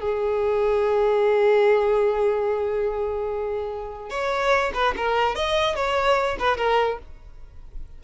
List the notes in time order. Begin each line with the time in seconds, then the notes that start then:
0.00 G#4
4.10 C#5
4.74 B4
4.97 A#4
5.35 D#5
5.76 C#5
6.40 B4
6.58 A#4